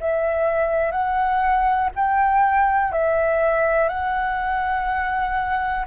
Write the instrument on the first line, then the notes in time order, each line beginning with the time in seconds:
flute
0.00 E5
0.91 F#5
1.95 G5
2.92 E5
3.89 F#5